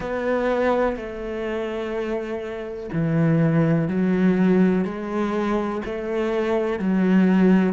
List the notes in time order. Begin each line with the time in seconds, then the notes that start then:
0.00 B3
0.96 A3
2.93 E3
3.88 F#3
4.84 G#3
5.85 A3
6.79 F#3